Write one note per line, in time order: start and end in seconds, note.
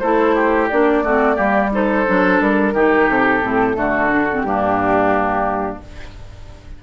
0.00 0.70 A3
0.00 0.71 E4
0.00 0.36 A4
0.00 0.68 C5
0.36 1.04 G4
0.69 1.03 A#3
0.69 1.05 D4
0.69 1.71 D5
1.03 1.37 A3
1.03 1.35 C4
1.03 1.36 F#4
1.35 2.07 G3
1.35 1.69 A#3
1.35 1.70 G4
1.72 2.06 D#4
1.72 2.74 A4
1.72 2.42 C5
2.07 2.41 F#3
2.07 2.75 D4
2.41 2.74 G3
2.41 3.10 A#4
2.74 3.08 D#3
2.74 3.42 D#4
2.74 3.76 G4
3.09 3.43 C3
3.09 4.41 A4
3.42 3.77 A2
3.42 3.75 C4
3.75 4.44 D3
3.75 4.09 A3
3.75 4.47 F#4
4.09 4.26 D4
4.32 4.46 C4
4.41 5.80 G2
4.41 5.83 A#3
4.41 5.83 D4
4.41 5.78 G4